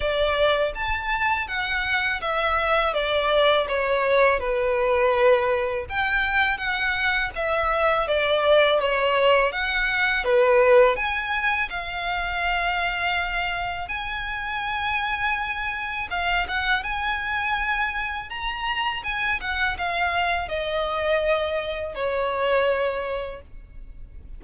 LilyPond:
\new Staff \with { instrumentName = "violin" } { \time 4/4 \tempo 4 = 82 d''4 a''4 fis''4 e''4 | d''4 cis''4 b'2 | g''4 fis''4 e''4 d''4 | cis''4 fis''4 b'4 gis''4 |
f''2. gis''4~ | gis''2 f''8 fis''8 gis''4~ | gis''4 ais''4 gis''8 fis''8 f''4 | dis''2 cis''2 | }